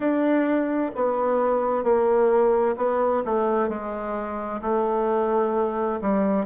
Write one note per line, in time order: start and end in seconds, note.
0.00 0.91 D4
0.95 1.83 B3
1.83 2.76 A#3
2.77 3.23 B3
3.25 3.68 A3
3.68 4.61 G#3
4.61 6.00 A3
6.01 6.45 G3